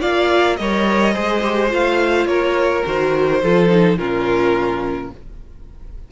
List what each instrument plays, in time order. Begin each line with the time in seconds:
0.00 cello A#3, viola F4, violin D5 F5
0.56 cello G3, viola A#4, violin C#5 D#5
1.13 cello G#3, viola G#4, violin C5
1.43 viola G4
1.69 cello A3, viola F4, violin F5
2.25 cello A#3, violin A#4 C#5
2.85 cello D#3, viola F#4, violin C5
3.42 cello F3, viola F4, violin A4
3.69 viola D#4
3.98 cello A#2, viola C#4, violin F4 A#4